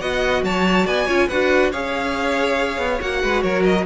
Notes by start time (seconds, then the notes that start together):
0.00 B3 F#4 D#5 F#5
0.43 F#3 C#5 A5
0.86 B3 D5 G#5
1.06 C#4 F4 C#5
1.28 D4 F#4 B4 F#5
1.71 C#4 G#4 C#5 F5
2.77 B3
3.00 A#3 F#4 F#5
3.22 G#3 B4
3.42 F#3 A#4 C#5
3.63 D#5